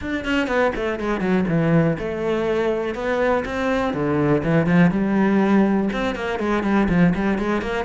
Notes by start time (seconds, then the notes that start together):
0.01 D4
0.25 C#4
0.47 B3
0.75 A3
0.99 G#3
1.20 F#3
1.48 E3
1.98 A3
2.95 B3
3.45 C4
3.93 D3
4.43 E3
4.66 F3
4.90 G3
5.92 C4
6.15 A#3
6.39 G#3
6.63 G3
6.89 F3
7.14 G3
7.38 G#3
7.61 A#3